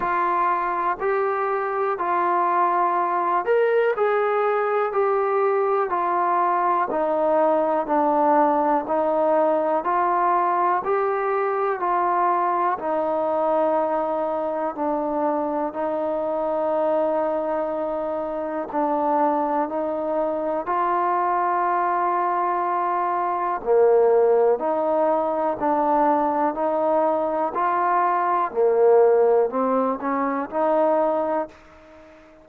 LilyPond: \new Staff \with { instrumentName = "trombone" } { \time 4/4 \tempo 4 = 61 f'4 g'4 f'4. ais'8 | gis'4 g'4 f'4 dis'4 | d'4 dis'4 f'4 g'4 | f'4 dis'2 d'4 |
dis'2. d'4 | dis'4 f'2. | ais4 dis'4 d'4 dis'4 | f'4 ais4 c'8 cis'8 dis'4 | }